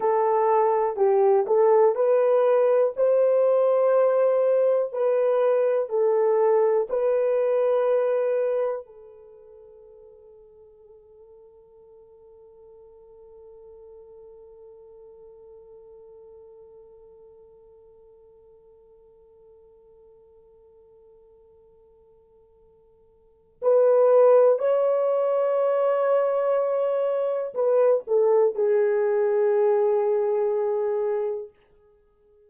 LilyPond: \new Staff \with { instrumentName = "horn" } { \time 4/4 \tempo 4 = 61 a'4 g'8 a'8 b'4 c''4~ | c''4 b'4 a'4 b'4~ | b'4 a'2.~ | a'1~ |
a'1~ | a'1 | b'4 cis''2. | b'8 a'8 gis'2. | }